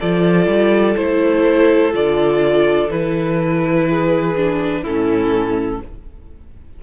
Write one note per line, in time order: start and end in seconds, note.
0.00 0.47 F3
0.00 0.97 F4
0.00 3.87 A4
0.00 0.97 D5
0.47 0.96 G3
0.97 1.94 A3
0.97 1.93 E4
0.97 1.94 C5
1.93 2.90 D3
1.93 2.89 F4
1.93 2.91 D5
2.90 4.83 E3
2.90 4.36 E4
2.90 4.84 B4
3.90 4.82 G#4
4.36 4.85 D4
4.82 5.80 A2
4.82 5.84 C#4
4.82 5.79 E4
4.82 5.82 A4